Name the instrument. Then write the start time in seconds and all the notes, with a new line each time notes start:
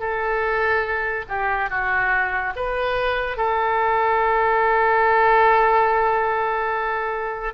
oboe
0.00 A4
1.28 G4
1.70 F#4
2.56 B4
3.37 A4